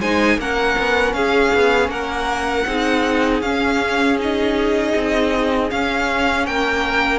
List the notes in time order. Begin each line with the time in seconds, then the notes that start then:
0.00 G#3 D#4 C5 G#5
0.37 A#3 C#4 A#4 F#5
0.78 B3
1.13 C#4 G#4 F5
1.54 B3
1.88 A#3 A#4 F#5
2.66 C4 D#4 G#4
3.41 C#4 F5
4.19 D#4 D#5
4.95 C4
5.69 C#4 F5
6.46 A#3 A#4 G5